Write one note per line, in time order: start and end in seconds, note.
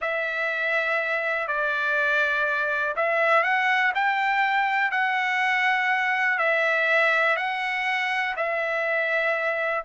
0.01 1.47 E5
1.47 2.95 D5
2.96 3.43 E5
3.43 3.92 F#5
3.94 4.91 G5
4.91 6.38 F#5
6.38 7.36 E5
7.36 8.34 F#5
8.36 9.84 E5